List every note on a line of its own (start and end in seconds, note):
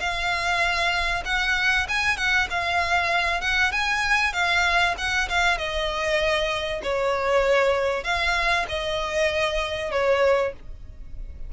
0.00 1.24 F5
1.25 1.87 F#5
1.89 2.17 G#5
2.17 2.48 F#5
2.51 3.41 F5
3.41 3.72 F#5
3.72 4.33 G#5
4.33 4.95 F5
4.98 5.29 F#5
5.29 5.58 F5
5.58 6.82 D#5
6.83 8.04 C#5
8.04 8.66 F5
8.69 9.91 D#5
9.91 10.53 C#5